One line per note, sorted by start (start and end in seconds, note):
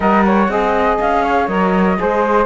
0.00 0.48 G3
0.00 0.48 A#4
0.00 0.24 D#5
0.00 0.97 F#5
0.25 0.50 C#5
0.48 0.98 C4
0.48 1.48 G#4
0.48 1.23 D#5
0.99 1.48 C#4
0.99 1.47 F5
1.23 1.97 C#5
1.47 1.97 F#3
1.47 1.97 A#4
1.47 2.46 D#5
1.97 2.46 G#3
1.97 2.46 G#4
1.97 2.46 C5